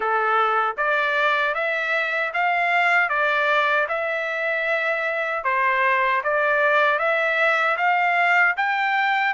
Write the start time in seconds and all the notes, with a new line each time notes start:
0.00 A4
0.77 D5
1.54 E5
2.33 F5
3.09 D5
3.88 E5
5.44 C5
6.23 D5
6.98 E5
7.77 F5
8.56 G5